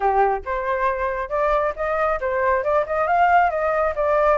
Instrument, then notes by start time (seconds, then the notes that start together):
flute
0.00 G4
0.45 C5
1.29 D5
1.76 D#5
2.20 C5
2.63 D5
2.86 D#5
3.07 F5
3.50 D#5
3.95 D5